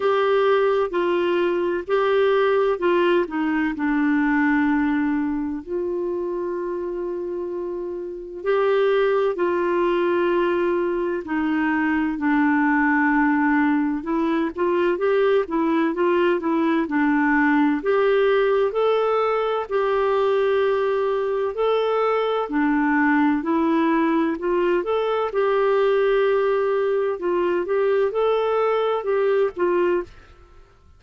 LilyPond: \new Staff \with { instrumentName = "clarinet" } { \time 4/4 \tempo 4 = 64 g'4 f'4 g'4 f'8 dis'8 | d'2 f'2~ | f'4 g'4 f'2 | dis'4 d'2 e'8 f'8 |
g'8 e'8 f'8 e'8 d'4 g'4 | a'4 g'2 a'4 | d'4 e'4 f'8 a'8 g'4~ | g'4 f'8 g'8 a'4 g'8 f'8 | }